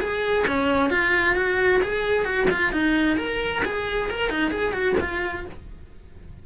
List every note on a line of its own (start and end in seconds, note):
0.00 0.45 G#4
0.47 0.90 C#4
0.90 1.36 F4
1.36 1.81 F#4
1.82 2.25 G#4
2.25 2.48 F#4
2.51 2.73 F4
2.73 3.17 D#4
3.17 3.63 A#4
3.65 4.10 G#4
4.10 4.30 A#4
4.30 4.51 D#4
4.51 4.73 G#4
4.73 4.96 F#4
5.00 5.46 F4